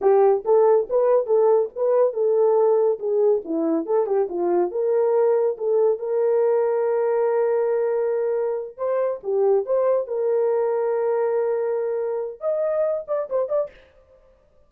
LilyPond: \new Staff \with { instrumentName = "horn" } { \time 4/4 \tempo 4 = 140 g'4 a'4 b'4 a'4 | b'4 a'2 gis'4 | e'4 a'8 g'8 f'4 ais'4~ | ais'4 a'4 ais'2~ |
ais'1~ | ais'8 c''4 g'4 c''4 ais'8~ | ais'1~ | ais'4 dis''4. d''8 c''8 d''8 | }